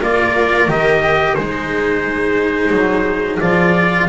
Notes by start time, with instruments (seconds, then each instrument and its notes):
0.00 double bass A#3, cello F4, viola A#4, trumpet D5
0.68 double bass D#3, cello G4, trumpet D#5
1.35 double bass G#3, cello D#4, viola G#4, trumpet C5
2.71 double bass F#3
3.40 double bass F3, cello F4, trumpet D5